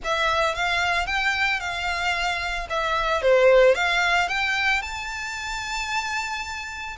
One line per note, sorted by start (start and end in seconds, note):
0.04 0.54 E5
0.54 1.06 F5
1.06 1.59 G5
1.59 2.67 F5
2.69 3.22 E5
3.22 3.75 C5
3.75 4.28 F5
4.28 4.81 G5
4.82 6.96 A5